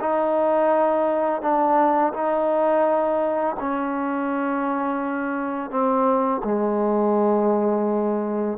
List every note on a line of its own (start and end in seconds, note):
0.00 1.42 D#4
1.42 2.13 D4
2.13 3.56 D#4
3.59 5.70 C#4
5.70 6.42 C4
6.44 8.58 G#3